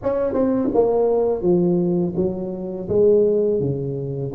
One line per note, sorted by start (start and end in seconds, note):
0.03 0.33 C#4
0.33 0.69 C4
0.74 1.41 A#3
1.41 2.14 F3
2.16 2.88 F#3
2.88 3.59 G#3
3.59 4.32 C#3